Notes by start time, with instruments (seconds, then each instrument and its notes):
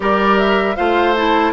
0.00 bassoon G3, clarinet G4, oboe A#4, flute D5
0.38 flute E5
0.75 bassoon A3, clarinet F4, oboe C5, flute F5
1.15 clarinet E4, flute A5